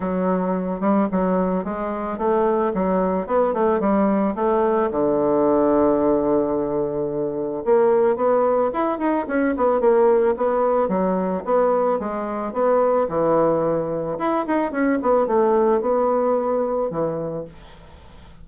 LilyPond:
\new Staff \with { instrumentName = "bassoon" } { \time 4/4 \tempo 4 = 110 fis4. g8 fis4 gis4 | a4 fis4 b8 a8 g4 | a4 d2.~ | d2 ais4 b4 |
e'8 dis'8 cis'8 b8 ais4 b4 | fis4 b4 gis4 b4 | e2 e'8 dis'8 cis'8 b8 | a4 b2 e4 | }